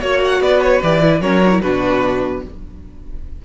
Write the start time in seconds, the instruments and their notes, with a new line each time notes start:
0.00 cello A#3, viola F#4, violin C#5
0.25 violin F#5
0.41 cello B3, violin B4 D5
0.62 violin C#5
0.83 cello E3, viola G4, violin D5
1.01 viola E4
1.21 cello F#3, viola C#4, violin A#4 C#5
1.45 viola D4
1.52 viola E4
1.62 cello B2, viola D4, violin F#4 B4